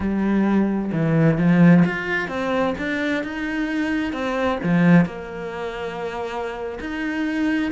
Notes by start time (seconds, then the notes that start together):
0.00 G3
0.92 E3
1.37 F3
1.85 F4
2.28 C4
2.78 D4
3.23 D#4
4.12 C4
4.63 F3
5.05 A#3
6.80 D#4